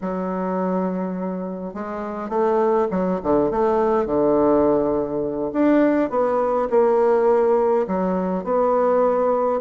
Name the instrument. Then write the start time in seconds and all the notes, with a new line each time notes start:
bassoon
0.01 F#3
1.73 G#3
2.29 A3
2.90 F#3
3.23 D3
3.50 A3
4.05 D3
5.53 D4
6.10 B3
6.69 A#3
7.87 F#3
8.43 B3